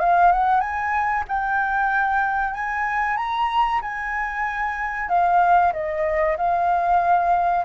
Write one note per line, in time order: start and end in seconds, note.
0.00 0.32 F5
0.32 0.60 F#5
0.60 1.24 G#5
1.28 2.54 G5
2.54 3.17 G#5
3.17 3.80 A#5
3.81 5.08 G#5
5.08 5.72 F5
5.73 6.37 D#5
6.37 7.65 F5